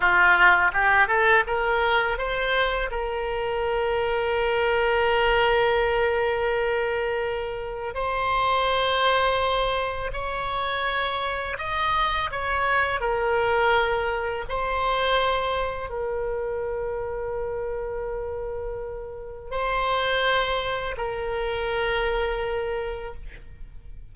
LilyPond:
\new Staff \with { instrumentName = "oboe" } { \time 4/4 \tempo 4 = 83 f'4 g'8 a'8 ais'4 c''4 | ais'1~ | ais'2. c''4~ | c''2 cis''2 |
dis''4 cis''4 ais'2 | c''2 ais'2~ | ais'2. c''4~ | c''4 ais'2. | }